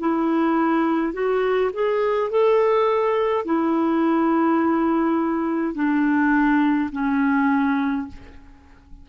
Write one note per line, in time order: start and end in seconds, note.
0.00 1.14 E4
1.14 1.72 F#4
1.74 2.31 G#4
2.31 3.46 A4
3.46 5.75 E4
5.75 6.90 D4
6.92 8.08 C#4